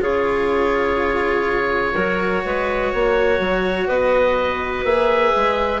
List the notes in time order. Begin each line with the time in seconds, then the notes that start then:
0.00 C#3 F4 G#4 C#5
1.93 F#3 F#4 A#4
2.44 G#3 B4
2.92 A#3 C#5
3.39 F#3
3.87 B3 B4 D#5
4.83 A#3 G#4 E5
5.35 G#3